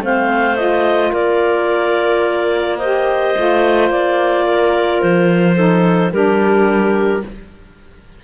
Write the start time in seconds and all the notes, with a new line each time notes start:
0.00 A3 C4 C5 F5
0.56 F4 D#5
1.11 A#3 A#4 D5
2.77 G4 C5 D#5
3.35 A3 F4
3.90 A#3 D5
4.46 A#4
5.01 F3 C5
5.55 D#4 A4
6.11 G3 D4 G4 A#4